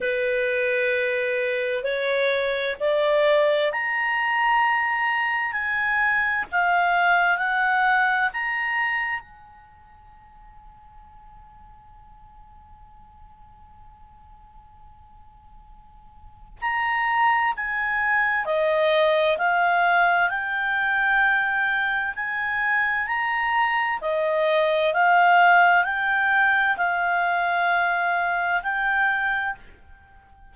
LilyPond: \new Staff \with { instrumentName = "clarinet" } { \time 4/4 \tempo 4 = 65 b'2 cis''4 d''4 | ais''2 gis''4 f''4 | fis''4 ais''4 gis''2~ | gis''1~ |
gis''2 ais''4 gis''4 | dis''4 f''4 g''2 | gis''4 ais''4 dis''4 f''4 | g''4 f''2 g''4 | }